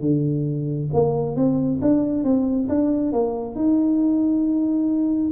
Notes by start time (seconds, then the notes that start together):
0.00 D3
0.93 A#3
1.36 C4
1.81 D4
2.24 C4
2.68 D4
3.12 A#3
3.55 D#4